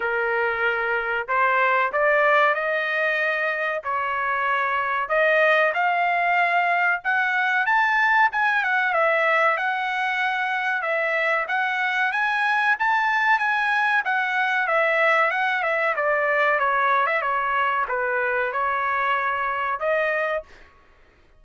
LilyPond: \new Staff \with { instrumentName = "trumpet" } { \time 4/4 \tempo 4 = 94 ais'2 c''4 d''4 | dis''2 cis''2 | dis''4 f''2 fis''4 | a''4 gis''8 fis''8 e''4 fis''4~ |
fis''4 e''4 fis''4 gis''4 | a''4 gis''4 fis''4 e''4 | fis''8 e''8 d''4 cis''8. e''16 cis''4 | b'4 cis''2 dis''4 | }